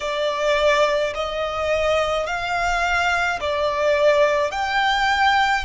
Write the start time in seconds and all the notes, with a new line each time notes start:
0.00 D5
1.14 D#5
2.26 F5
3.40 D5
4.51 G5